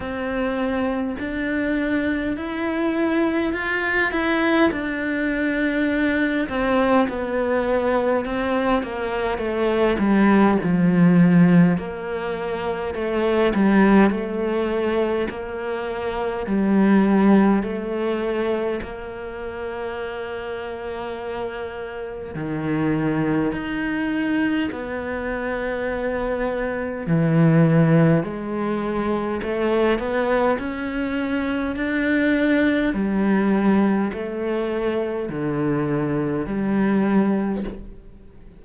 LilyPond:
\new Staff \with { instrumentName = "cello" } { \time 4/4 \tempo 4 = 51 c'4 d'4 e'4 f'8 e'8 | d'4. c'8 b4 c'8 ais8 | a8 g8 f4 ais4 a8 g8 | a4 ais4 g4 a4 |
ais2. dis4 | dis'4 b2 e4 | gis4 a8 b8 cis'4 d'4 | g4 a4 d4 g4 | }